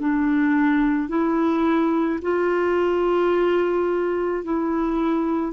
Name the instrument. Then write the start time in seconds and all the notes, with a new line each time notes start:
clarinet
0.00 D4
1.09 E4
2.22 F4
4.44 E4